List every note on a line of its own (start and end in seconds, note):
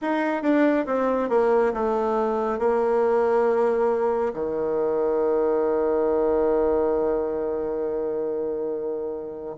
0.01 0.42 D#4
0.42 0.85 D4
0.86 1.29 C4
1.29 1.72 A#3
1.74 2.58 A3
2.58 4.32 A#3
4.33 9.55 D#3